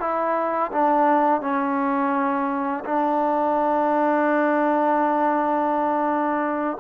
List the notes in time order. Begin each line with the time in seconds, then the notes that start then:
0.00 E4
0.72 D4
1.42 C#4
2.85 D4